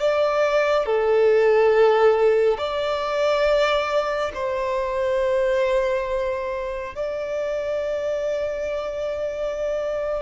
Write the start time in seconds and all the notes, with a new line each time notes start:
0.00 D5
0.86 A4
2.58 D5
4.35 C5
6.96 D5